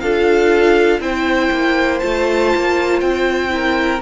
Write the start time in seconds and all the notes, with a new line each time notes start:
0.00 D4 F4 A4 F5
1.00 C4 E4 C5 G5
1.51 A#3
1.99 A3 F4 A5
2.56 A#3
3.01 C4 G5
3.50 E4 A#4